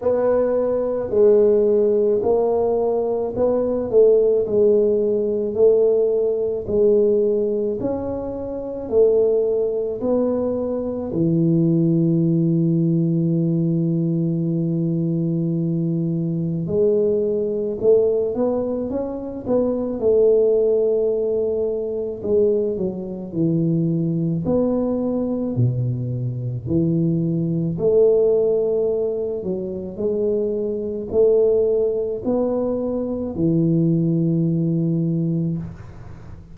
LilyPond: \new Staff \with { instrumentName = "tuba" } { \time 4/4 \tempo 4 = 54 b4 gis4 ais4 b8 a8 | gis4 a4 gis4 cis'4 | a4 b4 e2~ | e2. gis4 |
a8 b8 cis'8 b8 a2 | gis8 fis8 e4 b4 b,4 | e4 a4. fis8 gis4 | a4 b4 e2 | }